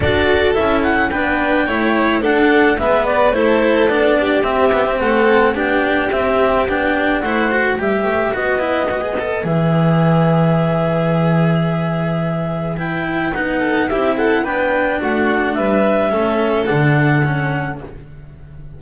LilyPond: <<
  \new Staff \with { instrumentName = "clarinet" } { \time 4/4 \tempo 4 = 108 d''4 e''8 fis''8 g''2 | fis''4 e''8 d''8 c''4 d''4 | e''4 fis''4 g''4 e''4 | g''4 fis''4 e''4 dis''4~ |
dis''4 e''2.~ | e''2. g''4 | fis''4 e''8 fis''8 g''4 fis''4 | e''2 fis''2 | }
  \new Staff \with { instrumentName = "violin" } { \time 4/4 a'2 b'4 cis''4 | a'4 b'4 a'4. g'8~ | g'4 a'4 g'2~ | g'4 c''4 b'2~ |
b'1~ | b'1~ | b'8 a'8 g'8 a'8 b'4 fis'4 | b'4 a'2. | }
  \new Staff \with { instrumentName = "cello" } { \time 4/4 fis'4 e'4 d'4 e'4 | d'4 b4 e'4 d'4 | c'8 b16 c'4~ c'16 d'4 c'4 | d'4 e'8 fis'8 g'4 fis'8 e'8 |
fis'16 gis'16 a'8 gis'2.~ | gis'2. e'4 | dis'4 e'4 d'2~ | d'4 cis'4 d'4 cis'4 | }
  \new Staff \with { instrumentName = "double bass" } { \time 4/4 d'4 cis'4 b4 a4 | d'4 gis4 a4 b4 | c'4 a4 b4 c'4 | b4 a4 g8 a8 b4~ |
b4 e2.~ | e1 | b4 c'4 b4 a4 | g4 a4 d2 | }
>>